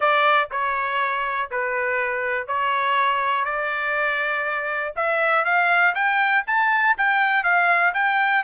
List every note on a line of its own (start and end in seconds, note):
0.00 0.49 D5
0.51 1.50 C#5
1.50 2.47 B4
2.47 3.45 C#5
3.45 4.93 D5
4.96 5.44 E5
5.44 5.94 F5
5.94 6.44 G5
6.47 6.96 A5
6.97 7.43 G5
7.43 7.93 F5
7.94 8.43 G5